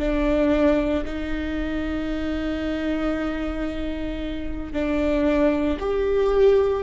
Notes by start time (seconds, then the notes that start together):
0.00 D4
1.05 D#4
4.73 D4
5.80 G4